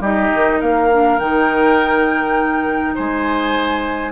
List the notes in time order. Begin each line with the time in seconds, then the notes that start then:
0.00 G3 D#4 G4 D#5
0.34 D#3
0.60 A#3 A#4 F5
0.91 D4
1.19 D#3 D#4 G5
2.95 G#3 C5 G#5